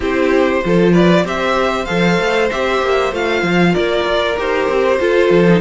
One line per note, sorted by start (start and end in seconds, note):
0.00 0.61 C4
0.00 0.63 E4
0.00 0.61 G4
0.00 0.93 C5
0.65 1.24 F3
0.65 1.24 F4
0.65 0.93 A4
0.93 1.24 B4
0.93 1.25 D5
1.24 1.86 C4
1.24 1.86 G4
1.24 3.72 C5
1.24 1.85 E5
1.85 2.18 F3
1.85 2.49 A4
1.85 2.47 F5
2.18 2.50 A3
2.51 2.81 C4
2.51 3.11 G4
2.51 3.13 E5
2.81 3.12 A#3
3.11 3.42 A3
3.11 4.36 F4
3.11 3.74 F5
3.42 3.74 F3
3.72 4.04 A#3
3.72 4.97 A#4
3.72 4.36 D5
4.04 4.35 F4
4.37 4.68 D#4
4.37 4.99 G4
4.37 5.61 C5
4.68 4.99 C4
4.99 5.46 F4
4.99 5.30 F4
4.99 5.61 A4
5.30 5.61 F3
5.48 5.61 D#4